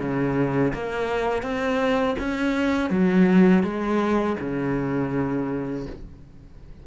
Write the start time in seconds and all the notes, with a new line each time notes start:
0.00 C#3
0.74 A#3
1.43 C4
2.19 C#4
2.91 F#3
3.64 G#3
4.40 C#3